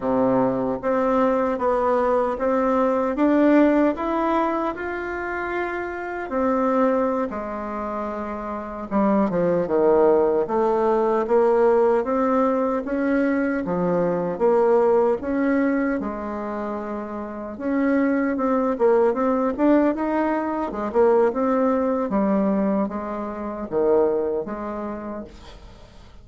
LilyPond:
\new Staff \with { instrumentName = "bassoon" } { \time 4/4 \tempo 4 = 76 c4 c'4 b4 c'4 | d'4 e'4 f'2 | c'4~ c'16 gis2 g8 f16~ | f16 dis4 a4 ais4 c'8.~ |
c'16 cis'4 f4 ais4 cis'8.~ | cis'16 gis2 cis'4 c'8 ais16~ | ais16 c'8 d'8 dis'4 gis16 ais8 c'4 | g4 gis4 dis4 gis4 | }